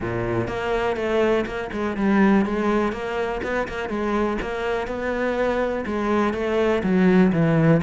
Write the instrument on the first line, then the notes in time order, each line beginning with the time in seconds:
cello
0.00 A#2
0.47 A#3
0.96 A3
1.46 A#3
1.72 G#3
1.96 G3
2.45 G#3
2.92 A#3
3.43 B3
3.68 A#3
3.89 G#3
4.41 A#3
4.87 B3
5.86 G#3
6.33 A3
6.83 F#3
7.32 E3